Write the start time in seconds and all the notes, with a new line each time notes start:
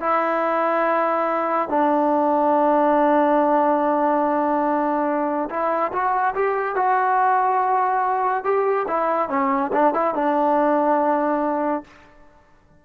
0.00 E4
1.69 D4
5.50 E4
5.92 F#4
6.35 G4
6.76 F#4
8.44 G4
8.88 E4
9.29 C#4
9.72 D4
9.94 E4
10.14 D4